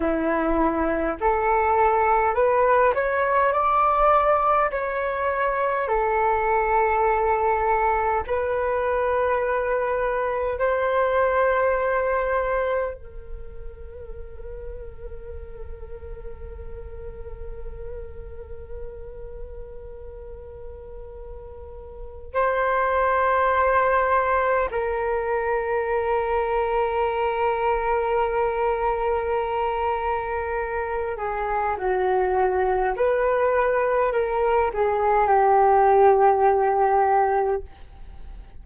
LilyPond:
\new Staff \with { instrumentName = "flute" } { \time 4/4 \tempo 4 = 51 e'4 a'4 b'8 cis''8 d''4 | cis''4 a'2 b'4~ | b'4 c''2 ais'4~ | ais'1~ |
ais'2. c''4~ | c''4 ais'2.~ | ais'2~ ais'8 gis'8 fis'4 | b'4 ais'8 gis'8 g'2 | }